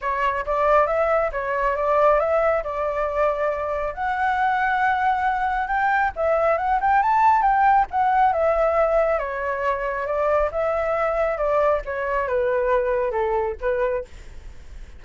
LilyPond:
\new Staff \with { instrumentName = "flute" } { \time 4/4 \tempo 4 = 137 cis''4 d''4 e''4 cis''4 | d''4 e''4 d''2~ | d''4 fis''2.~ | fis''4 g''4 e''4 fis''8 g''8 |
a''4 g''4 fis''4 e''4~ | e''4 cis''2 d''4 | e''2 d''4 cis''4 | b'2 a'4 b'4 | }